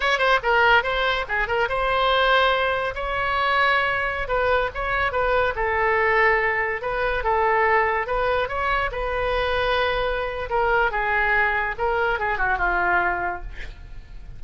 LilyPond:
\new Staff \with { instrumentName = "oboe" } { \time 4/4 \tempo 4 = 143 cis''8 c''8 ais'4 c''4 gis'8 ais'8 | c''2. cis''4~ | cis''2~ cis''16 b'4 cis''8.~ | cis''16 b'4 a'2~ a'8.~ |
a'16 b'4 a'2 b'8.~ | b'16 cis''4 b'2~ b'8.~ | b'4 ais'4 gis'2 | ais'4 gis'8 fis'8 f'2 | }